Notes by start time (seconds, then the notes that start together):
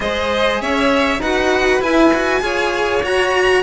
0.00 G#3 G#4 C5 D#5
0.61 C#4 C#5 E5
1.18 D#4 F#4 B4 F#5
1.81 E4 G#5
2.13 F#4
2.40 F4 G#4 C#5
3.03 F#4 A#5